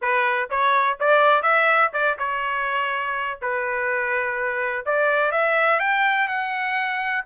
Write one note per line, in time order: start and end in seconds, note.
0.01 0.49 B4
0.50 0.98 C#5
1.00 1.42 D5
1.42 1.90 E5
1.93 2.17 D5
2.18 3.39 C#5
3.41 4.85 B4
4.85 5.31 D5
5.31 5.79 E5
5.79 6.27 G5
6.27 7.24 F#5